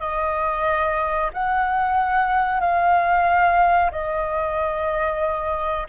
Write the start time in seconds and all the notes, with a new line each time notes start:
0.00 D#5
1.34 F#5
2.61 F5
3.92 D#5